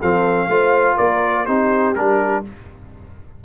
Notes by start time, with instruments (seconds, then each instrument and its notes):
0.00 tuba F3, trombone C4, horn A4, trumpet F5
0.48 tuba A3, trombone F4, horn C5
0.96 tuba A#3, horn A#4, trumpet D5
1.45 tuba C4, trombone D#4, horn G4, trumpet C5
1.95 tuba G3, trombone D4, trumpet A#4